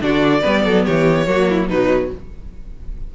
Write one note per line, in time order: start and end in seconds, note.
0.00 0.43 D3
0.00 0.42 D4
0.00 0.42 F#4
0.00 0.85 D5
0.42 0.66 G3
0.42 1.26 B3
0.42 0.63 B4
0.65 0.87 F#3
0.65 0.85 A4
0.85 1.27 E3
0.85 1.27 G4
0.85 1.69 C#5
1.27 1.68 F#3
1.27 1.69 A#3
1.27 1.49 F#4
1.49 1.69 E4
1.68 2.10 B2
1.68 2.15 F#3
1.68 2.11 D#4
1.68 2.11 B4